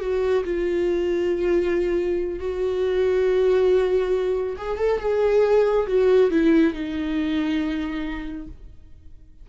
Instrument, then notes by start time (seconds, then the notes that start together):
viola
0.00 F#4
0.44 F4
2.39 F#4
4.57 G#4
4.78 A4
4.99 G#4
5.87 F#4
6.30 E4
6.74 D#4